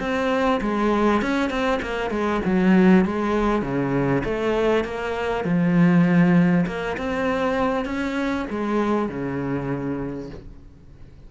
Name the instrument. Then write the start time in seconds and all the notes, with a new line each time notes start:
cello
0.00 C4
0.61 G#3
1.22 C#4
1.50 C4
1.82 A#3
2.10 G#3
2.45 F#3
3.06 G#3
3.62 C#3
4.25 A3
4.85 A#3
5.45 F3
6.67 A#3
6.98 C4
7.85 C#4
8.50 G#3
9.09 C#3